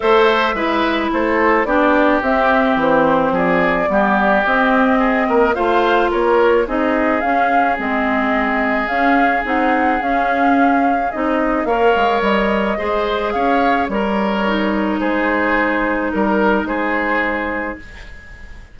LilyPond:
<<
  \new Staff \with { instrumentName = "flute" } { \time 4/4 \tempo 4 = 108 e''2 c''4 d''4 | e''4 c''4 d''2 | dis''2 f''4 cis''4 | dis''4 f''4 dis''2 |
f''4 fis''4 f''2 | dis''4 f''4 dis''2 | f''4 cis''2 c''4~ | c''4 ais'4 c''2 | }
  \new Staff \with { instrumentName = "oboe" } { \time 4/4 c''4 b'4 a'4 g'4~ | g'2 gis'4 g'4~ | g'4 gis'8 ais'8 c''4 ais'4 | gis'1~ |
gis'1~ | gis'4 cis''2 c''4 | cis''4 ais'2 gis'4~ | gis'4 ais'4 gis'2 | }
  \new Staff \with { instrumentName = "clarinet" } { \time 4/4 a'4 e'2 d'4 | c'2. b4 | c'2 f'2 | dis'4 cis'4 c'2 |
cis'4 dis'4 cis'2 | dis'4 ais'2 gis'4~ | gis'4 ais'4 dis'2~ | dis'1 | }
  \new Staff \with { instrumentName = "bassoon" } { \time 4/4 a4 gis4 a4 b4 | c'4 e4 f4 g4 | c'4. ais8 a4 ais4 | c'4 cis'4 gis2 |
cis'4 c'4 cis'2 | c'4 ais8 gis8 g4 gis4 | cis'4 g2 gis4~ | gis4 g4 gis2 | }
>>